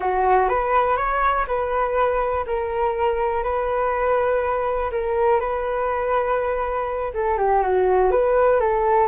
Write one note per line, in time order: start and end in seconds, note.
0.00 0.48 F#4
0.49 0.97 B4
0.97 1.46 C#5
1.47 2.45 B4
2.46 3.43 A#4
3.43 4.90 B4
4.91 5.40 A#4
5.40 7.12 B4
7.14 7.37 A4
7.37 7.62 G4
7.62 8.11 F#4
8.11 8.59 B4
8.59 9.07 A4